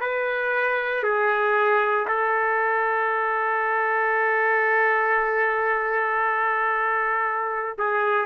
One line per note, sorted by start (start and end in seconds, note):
0.00 1.03 B4
1.03 2.06 G#4
2.07 7.76 A4
7.78 8.26 G#4